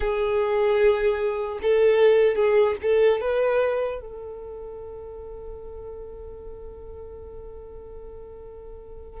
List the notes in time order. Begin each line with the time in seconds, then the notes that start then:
0.00 G#4
1.62 A4
2.35 G#4
2.81 A4
3.20 B4
4.00 A4